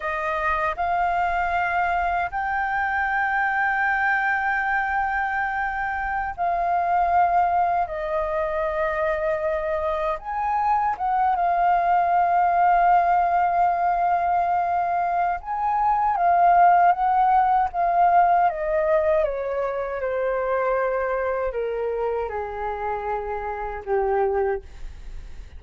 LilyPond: \new Staff \with { instrumentName = "flute" } { \time 4/4 \tempo 4 = 78 dis''4 f''2 g''4~ | g''1~ | g''16 f''2 dis''4.~ dis''16~ | dis''4~ dis''16 gis''4 fis''8 f''4~ f''16~ |
f''1 | gis''4 f''4 fis''4 f''4 | dis''4 cis''4 c''2 | ais'4 gis'2 g'4 | }